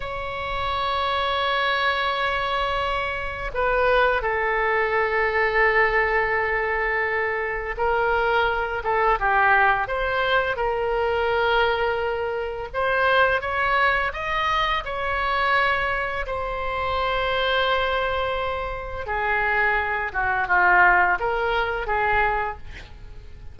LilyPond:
\new Staff \with { instrumentName = "oboe" } { \time 4/4 \tempo 4 = 85 cis''1~ | cis''4 b'4 a'2~ | a'2. ais'4~ | ais'8 a'8 g'4 c''4 ais'4~ |
ais'2 c''4 cis''4 | dis''4 cis''2 c''4~ | c''2. gis'4~ | gis'8 fis'8 f'4 ais'4 gis'4 | }